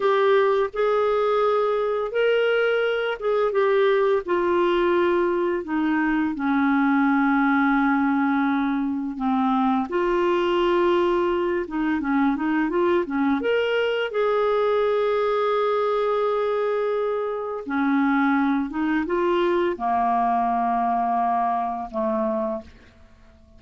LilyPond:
\new Staff \with { instrumentName = "clarinet" } { \time 4/4 \tempo 4 = 85 g'4 gis'2 ais'4~ | ais'8 gis'8 g'4 f'2 | dis'4 cis'2.~ | cis'4 c'4 f'2~ |
f'8 dis'8 cis'8 dis'8 f'8 cis'8 ais'4 | gis'1~ | gis'4 cis'4. dis'8 f'4 | ais2. a4 | }